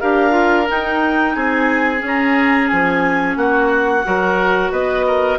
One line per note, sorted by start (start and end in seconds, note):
0.00 0.70 D4
0.00 0.30 G4
0.00 1.35 A#4
0.00 0.67 F5
0.30 0.64 F4
0.68 1.98 D#4
0.68 1.35 D#4
0.68 1.35 G5
1.35 2.02 C4
1.35 3.38 G#4
1.35 2.02 G#5
1.98 4.00 C#4
1.98 2.69 C#4
2.07 2.67 A#5
2.67 3.36 F3
2.67 3.35 G#5
3.36 4.03 A#3
3.36 4.05 F#4
3.36 4.71 F#5
4.04 4.71 F#3
4.04 5.38 F#4
4.04 4.72 A#4
4.71 5.38 B3
4.71 5.05 B4
4.71 5.38 D#5
5.07 5.38 A#4